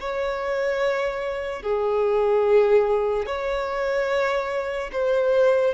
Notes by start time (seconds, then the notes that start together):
0.00 C#5
1.63 G#4
3.26 C#5
4.92 C5